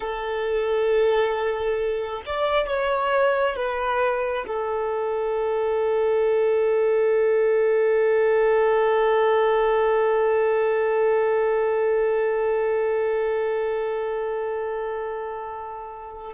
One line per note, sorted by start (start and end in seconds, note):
0.00 2.22 A4
2.26 2.67 D5
2.67 3.55 C#5
3.55 4.45 B4
4.47 16.34 A4